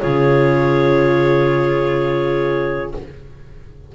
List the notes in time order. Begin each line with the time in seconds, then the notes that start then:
0.00 C#3 F4 G#4 C#5